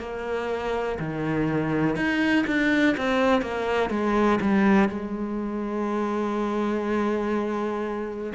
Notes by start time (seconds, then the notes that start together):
0.00 A#3
0.99 D#3
1.96 D#4
2.47 D4
2.97 C4
3.41 A#3
3.90 G#3
4.41 G3
4.89 G#3